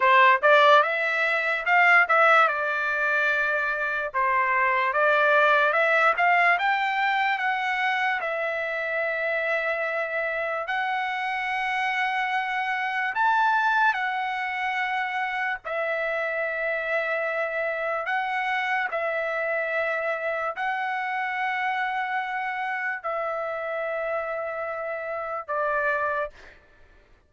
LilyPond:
\new Staff \with { instrumentName = "trumpet" } { \time 4/4 \tempo 4 = 73 c''8 d''8 e''4 f''8 e''8 d''4~ | d''4 c''4 d''4 e''8 f''8 | g''4 fis''4 e''2~ | e''4 fis''2. |
a''4 fis''2 e''4~ | e''2 fis''4 e''4~ | e''4 fis''2. | e''2. d''4 | }